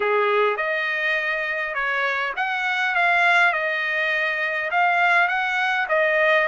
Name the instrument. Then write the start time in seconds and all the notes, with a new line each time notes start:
trumpet
0.00 G#4
0.56 D#5
1.74 C#5
2.36 F#5
2.95 F5
3.52 D#5
4.71 F5
5.28 F#5
5.89 D#5